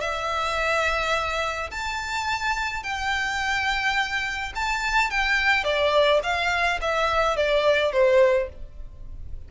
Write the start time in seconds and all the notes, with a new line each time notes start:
0.00 E5
1.70 A5
2.83 G5
4.55 A5
5.10 G5
5.63 D5
6.23 F5
6.81 E5
7.36 D5
7.92 C5